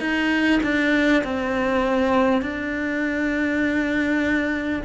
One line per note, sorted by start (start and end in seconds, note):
0.00 0.60 D#4
0.63 1.23 D4
1.23 2.42 C4
2.42 4.82 D4